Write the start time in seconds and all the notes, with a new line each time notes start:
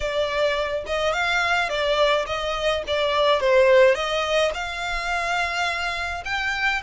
0.00 D5
0.86 D#5
1.12 F5
1.69 D5
2.26 D#5
2.87 D5
3.40 C5
3.94 D#5
4.53 F5
6.24 G5